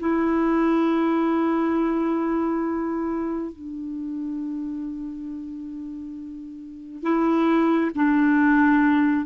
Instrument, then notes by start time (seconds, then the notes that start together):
clarinet
0.00 E4
3.53 D4
7.03 E4
7.95 D4